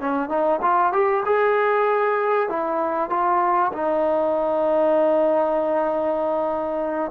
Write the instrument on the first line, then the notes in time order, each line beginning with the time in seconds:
trombone
0.00 C#4
0.29 D#4
0.62 F4
0.93 G4
1.25 G#4
2.49 E4
3.10 F4
3.73 D#4